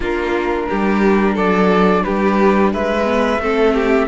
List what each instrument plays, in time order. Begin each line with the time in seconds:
0.00 cello A#3, viola D4, violin F4, flute A#4
0.69 cello G3, violin G4
1.35 cello F#3, violin A4, flute D5
2.03 cello G3, violin G4, flute B4
2.73 cello G#3, violin B4, flute E5
3.04 viola B3
3.38 cello A3, viola C4, violin A4
3.73 violin G4